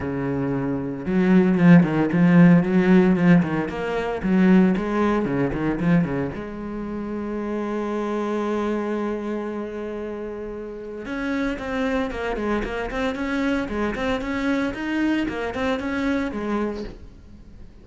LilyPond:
\new Staff \with { instrumentName = "cello" } { \time 4/4 \tempo 4 = 114 cis2 fis4 f8 dis8 | f4 fis4 f8 dis8 ais4 | fis4 gis4 cis8 dis8 f8 cis8 | gis1~ |
gis1~ | gis4 cis'4 c'4 ais8 gis8 | ais8 c'8 cis'4 gis8 c'8 cis'4 | dis'4 ais8 c'8 cis'4 gis4 | }